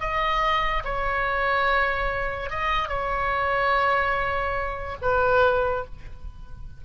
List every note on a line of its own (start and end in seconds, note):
0.00 0.83 D#5
0.85 2.50 C#5
2.50 2.89 D#5
2.89 4.97 C#5
5.02 5.85 B4